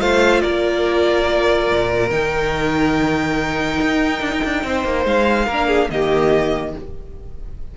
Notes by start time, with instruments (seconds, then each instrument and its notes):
0.00 cello A3, viola F4, violin C5 F5
0.41 cello A#3, violin A#4 D5
1.71 cello A#2
2.10 cello D#3, viola D#4, violin G5
3.81 cello D#4
4.22 cello D4
4.32 cello D#4
4.44 cello D4
4.64 cello C4, violin C5
4.84 cello A#3
5.05 cello G#3, violin F5
5.45 cello A#3, violin A#4
5.52 viola D4
5.67 violin G#4
5.90 cello D#3, viola A#3, violin G4 D#5